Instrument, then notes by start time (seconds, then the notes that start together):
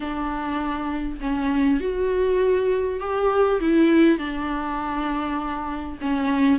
viola
0.00 D4
1.20 C#4
1.80 F#4
3.00 G4
3.60 E4
4.18 D4
6.01 C#4